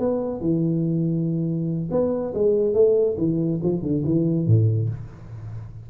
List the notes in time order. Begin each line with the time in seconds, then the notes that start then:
0.00 B3
0.41 E3
1.91 B3
2.35 G#3
2.74 A3
3.18 E3
3.63 F3
3.83 D3
4.05 E3
4.47 A2